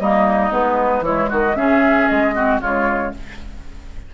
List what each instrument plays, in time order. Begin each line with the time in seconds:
0.00 bassoon G3, clarinet A#3, oboe D#4, flute D#5
0.51 bassoon G#3, clarinet B3, flute B4
1.01 bassoon E3, clarinet G#3, oboe E4, flute C#5
1.30 bassoon D#3, oboe F#4, flute D#5
1.55 bassoon C#3, clarinet C#4, oboe G#4, flute E5
2.08 bassoon G#3, flute D#5
2.35 clarinet C4, oboe F#4
2.61 bassoon C#3, clarinet G#3, oboe F4, flute C#5